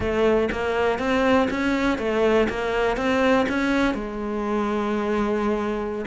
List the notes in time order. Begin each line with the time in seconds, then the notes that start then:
0.00 A3
0.51 A#3
0.98 C4
1.50 C#4
1.98 A3
2.49 A#3
2.96 C4
3.48 C#4
3.94 G#3